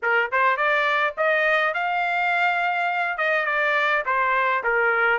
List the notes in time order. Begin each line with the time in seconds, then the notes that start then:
0.02 A#4
0.31 C5
0.56 D5
1.17 D#5
1.74 F5
3.17 D#5
3.45 D5
4.05 C5
4.63 A#4